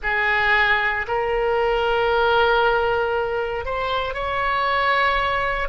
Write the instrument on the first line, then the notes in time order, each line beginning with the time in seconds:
oboe
0.02 G#4
1.07 A#4
3.64 C5
4.14 C#5